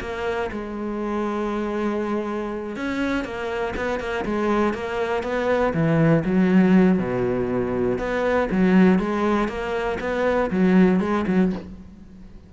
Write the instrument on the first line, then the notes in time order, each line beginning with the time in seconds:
cello
0.00 A#3
0.51 G#3
2.76 C#4
3.24 A#3
3.76 B3
4.00 A#3
4.25 G#3
4.74 A#3
5.23 B3
5.73 E3
6.25 F#3
6.98 B2
7.98 B3
8.51 F#3
8.99 G#3
9.48 A#3
10.00 B3
10.51 F#3
11.00 G#3
11.27 F#3